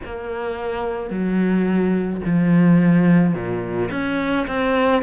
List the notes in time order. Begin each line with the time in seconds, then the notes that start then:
0.05 A#3
1.10 F#3
2.25 F3
3.33 A#2
3.91 C#4
4.47 C4